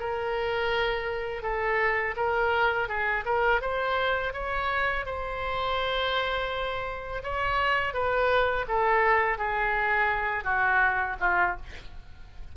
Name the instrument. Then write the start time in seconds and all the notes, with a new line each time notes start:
oboe
0.00 A#4
1.43 A4
2.17 A#4
2.88 G#4
3.26 A#4
3.62 C5
4.34 C#5
5.06 C5
7.24 C#5
7.94 B4
8.68 A4
9.38 G#4
10.44 F#4
11.20 F4